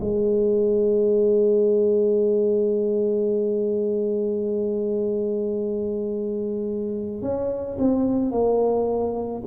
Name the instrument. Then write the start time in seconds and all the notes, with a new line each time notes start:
tuba
0.00 G#3
7.21 C#4
7.78 C4
8.31 A#3